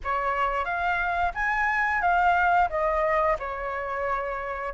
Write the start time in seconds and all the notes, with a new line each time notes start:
0.03 C#5
0.64 F5
1.34 G#5
2.01 F5
2.69 D#5
3.39 C#5